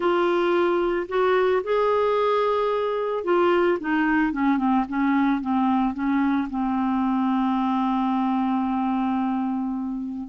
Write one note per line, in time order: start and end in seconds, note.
0.00 1.07 F4
1.08 1.62 F#4
1.63 3.24 G#4
3.24 3.78 F4
3.80 4.32 D#4
4.32 4.57 C#4
4.57 4.84 C4
4.88 5.41 C#4
5.41 5.94 C4
5.94 6.48 C#4
6.50 10.28 C4